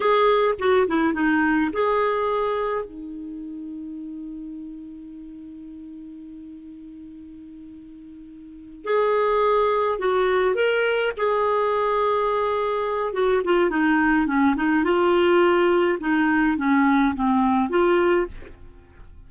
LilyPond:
\new Staff \with { instrumentName = "clarinet" } { \time 4/4 \tempo 4 = 105 gis'4 fis'8 e'8 dis'4 gis'4~ | gis'4 dis'2.~ | dis'1~ | dis'2.~ dis'8 gis'8~ |
gis'4. fis'4 ais'4 gis'8~ | gis'2. fis'8 f'8 | dis'4 cis'8 dis'8 f'2 | dis'4 cis'4 c'4 f'4 | }